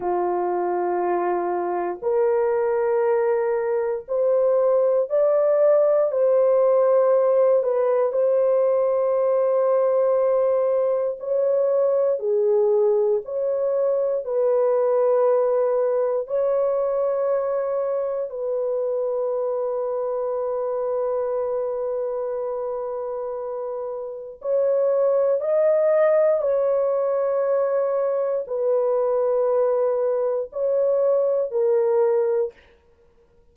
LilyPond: \new Staff \with { instrumentName = "horn" } { \time 4/4 \tempo 4 = 59 f'2 ais'2 | c''4 d''4 c''4. b'8 | c''2. cis''4 | gis'4 cis''4 b'2 |
cis''2 b'2~ | b'1 | cis''4 dis''4 cis''2 | b'2 cis''4 ais'4 | }